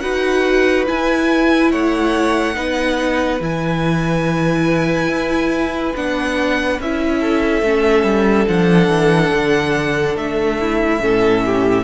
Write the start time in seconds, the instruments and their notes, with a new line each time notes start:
0.00 cello D#4, viola F#4, violin B4 F#5
0.86 viola E4, cello E4, violin G#5
1.71 cello A3, violin C#5 F#5
2.55 cello B3, viola D#4, violin B4
3.40 cello E3, viola E4, violin G#5
5.08 cello E4
5.95 cello B3, viola D4, violin F#5
6.79 cello C#4, viola E4, violin E5
7.19 violin A4
7.62 cello A3, viola C#4
8.04 cello G3
8.48 cello F3, viola D4, violin F#5
8.88 cello E3
9.31 cello D3
10.16 cello A3, violin E5
10.60 violin E4
11.00 cello A2, viola C#4, violin A4
11.45 violin G4